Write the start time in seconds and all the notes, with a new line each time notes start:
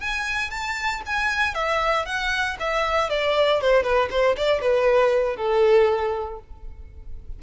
0.00 G#5
0.50 A5
1.06 G#5
1.54 E5
2.05 F#5
2.59 E5
3.10 D5
3.61 C5
3.83 B4
4.10 C5
4.37 D5
4.61 B4
5.36 A4